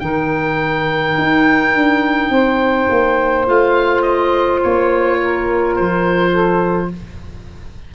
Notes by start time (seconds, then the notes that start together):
0.00 D#3 D#4 A#4 G5
1.18 D#4
1.74 D4
2.30 C4 C5
2.90 A#3
3.46 A3 F4 F5
4.02 D#5
4.63 A#3 C#5
5.21 A#4
5.76 F3 C5
6.31 A4